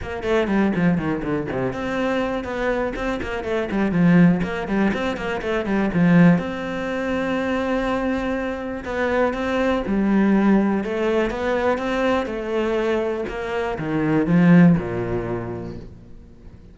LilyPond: \new Staff \with { instrumentName = "cello" } { \time 4/4 \tempo 4 = 122 ais8 a8 g8 f8 dis8 d8 c8 c'8~ | c'4 b4 c'8 ais8 a8 g8 | f4 ais8 g8 c'8 ais8 a8 g8 | f4 c'2.~ |
c'2 b4 c'4 | g2 a4 b4 | c'4 a2 ais4 | dis4 f4 ais,2 | }